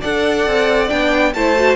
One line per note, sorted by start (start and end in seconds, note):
0.00 0.46 D4
0.00 0.89 A4
0.00 1.31 D5
0.00 0.89 F#5
0.46 0.90 C4
0.89 1.34 B3
0.89 1.32 D4
0.89 1.33 G5
1.33 1.76 A3
1.33 1.55 E4
1.33 1.76 C5
1.33 1.76 A5
1.55 1.76 F#4